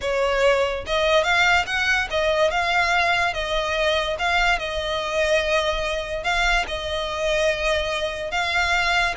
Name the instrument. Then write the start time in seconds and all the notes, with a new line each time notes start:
violin
0.01 C#5
0.86 D#5
1.23 F5
1.66 F#5
2.10 D#5
2.50 F5
3.33 D#5
4.19 F5
4.59 D#5
6.23 F5
6.67 D#5
8.31 F5